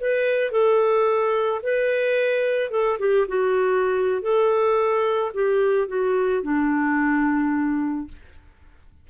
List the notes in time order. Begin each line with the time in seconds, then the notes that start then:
0.00 B4
0.52 A4
1.62 B4
2.71 A4
2.99 G4
3.28 F#4
4.22 A4
5.34 G4
5.88 F#4
6.43 D4